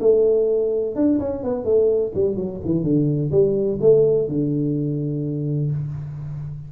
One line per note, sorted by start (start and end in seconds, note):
0.00 0.95 A3
0.95 1.19 D4
1.19 1.43 C#4
1.43 1.65 B3
1.65 2.12 A3
2.15 2.36 G3
2.36 2.60 F#3
2.65 2.83 E3
2.83 3.31 D3
3.31 3.79 G3
3.81 4.28 A3
4.28 5.71 D3